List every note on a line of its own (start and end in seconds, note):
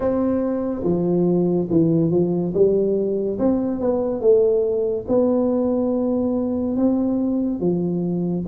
0.00 0.82 C4
0.83 1.67 F3
1.70 2.10 E3
2.10 2.53 F3
2.54 3.38 G3
3.38 3.80 C4
3.80 4.20 B3
4.20 5.05 A3
5.08 6.76 B3
6.76 7.59 C4
7.59 8.44 F3